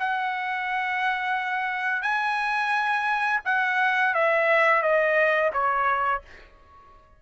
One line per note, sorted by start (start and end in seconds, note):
0.00 2.03 F#5
2.03 3.41 G#5
3.45 4.14 F#5
4.15 4.83 E5
4.83 5.52 D#5
5.53 6.22 C#5